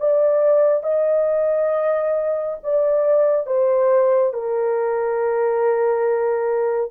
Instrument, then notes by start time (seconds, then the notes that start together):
horn
0.00 D5
0.84 D#5
2.64 D5
3.47 C5
4.34 A#4